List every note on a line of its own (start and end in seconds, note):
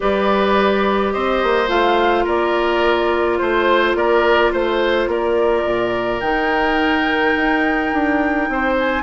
0.00 1.15 G3
0.00 1.67 G4
0.00 1.13 B4
0.00 1.12 D5
1.12 1.43 C4
1.12 2.24 C5
1.12 1.68 D#5
1.43 1.68 A#3
1.67 2.25 A3
1.67 6.19 F4
1.67 2.25 F5
2.24 3.40 A#3
2.24 3.37 A#4
2.24 3.37 D5
3.37 3.94 A3
3.37 3.94 C5
3.37 3.96 C5
3.94 4.51 A#3
3.94 4.52 A#4
3.94 4.52 D5
4.52 5.07 A3
4.52 5.08 C5
4.52 5.10 C5
5.07 5.64 A#3
5.07 8.49 A#4
5.07 6.20 D5
5.64 6.20 A#2
6.20 7.34 D#3
6.20 9.03 D#4
6.20 8.75 G5
7.36 7.92 D#4
7.93 8.48 D4
8.48 9.03 C4
8.48 9.03 C5
8.79 9.03 G#5